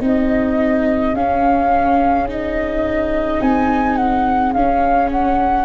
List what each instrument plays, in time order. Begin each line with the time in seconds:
0.00 tuba C4, viola D#4, flute G#4 D#5
1.13 tuba C#4, viola C#4, flute F5
2.28 viola D#4, flute D#5
3.41 tuba C4, flute G#5
3.96 flute F#5
4.53 tuba C#4, viola C#4, flute F5
5.12 flute F#5